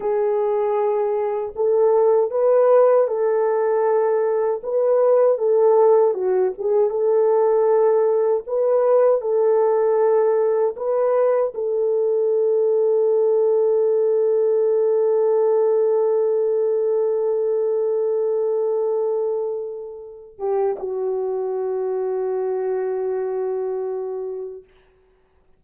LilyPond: \new Staff \with { instrumentName = "horn" } { \time 4/4 \tempo 4 = 78 gis'2 a'4 b'4 | a'2 b'4 a'4 | fis'8 gis'8 a'2 b'4 | a'2 b'4 a'4~ |
a'1~ | a'1~ | a'2~ a'8 g'8 fis'4~ | fis'1 | }